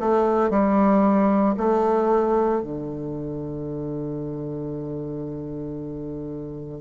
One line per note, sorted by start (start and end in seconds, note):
0.00 0.50 A3
0.50 1.56 G3
1.57 2.62 A3
2.62 6.81 D3